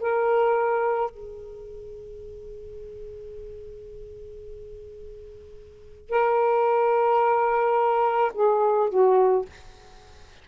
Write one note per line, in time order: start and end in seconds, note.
0.00 1.11 A#4
1.11 6.10 G#4
6.10 8.32 A#4
8.34 8.89 G#4
8.89 9.45 F#4